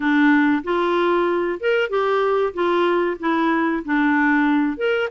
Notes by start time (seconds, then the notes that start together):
0.00 D4
0.63 F4
1.60 A#4
1.89 G4
2.53 F4
3.19 E4
3.84 D4
4.77 A#4